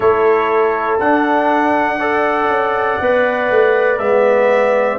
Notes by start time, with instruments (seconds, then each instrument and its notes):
0.00 tuba A3, trombone E4, horn A4, trumpet C#5
0.99 tuba D4, trombone D4, trumpet F#5
1.99 trombone A4, horn D5
2.47 tuba C#4
3.00 tuba B3, trombone B4
3.50 tuba A3
3.98 tuba G#3, trombone B3, trumpet E5